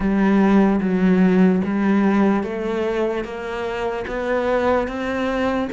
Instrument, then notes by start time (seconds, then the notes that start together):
cello
0.00 G3
0.81 F#3
1.64 G3
2.43 A3
3.24 A#3
4.07 B3
4.87 C4